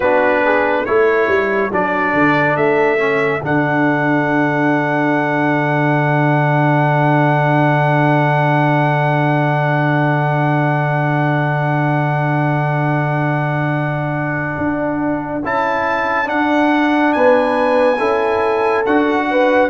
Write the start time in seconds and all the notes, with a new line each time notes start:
0.00 B3 D4 F#4 B4
0.44 G#4
0.83 A3 E4 A4 C#5
1.28 G3
1.71 F#3 D4 D5
2.13 D3
2.56 A3 E5
2.98 C#4
3.42 D3 D4 F#5
14.57 D4
15.44 C#4 E4 A5
16.24 D4 F#5
17.12 B3 B4 G#5
17.97 C#4 E4 A4
18.85 D4 F#4 F#5
19.30 B4